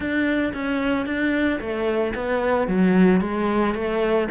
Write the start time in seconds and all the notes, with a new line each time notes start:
0.00 D4
0.53 C#4
1.05 D4
1.60 A3
2.14 B3
2.67 F#3
3.20 G#3
3.74 A3